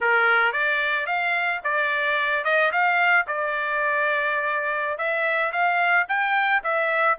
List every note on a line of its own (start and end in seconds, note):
0.00 0.52 A#4
0.52 1.06 D5
1.06 1.60 F5
1.64 2.44 D5
2.44 2.71 D#5
2.71 3.26 F5
3.27 4.98 D5
4.98 5.52 E5
5.52 6.06 F5
6.08 6.62 G5
6.63 7.17 E5